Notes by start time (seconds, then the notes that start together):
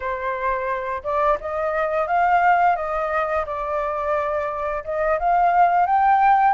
0.00 C5
1.03 D5
1.40 D#5
2.07 F5
2.76 D#5
3.45 D5
4.84 D#5
5.19 F5
5.86 G5